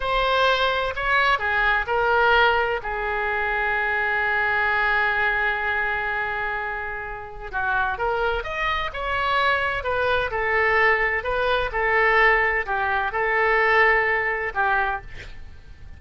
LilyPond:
\new Staff \with { instrumentName = "oboe" } { \time 4/4 \tempo 4 = 128 c''2 cis''4 gis'4 | ais'2 gis'2~ | gis'1~ | gis'1 |
fis'4 ais'4 dis''4 cis''4~ | cis''4 b'4 a'2 | b'4 a'2 g'4 | a'2. g'4 | }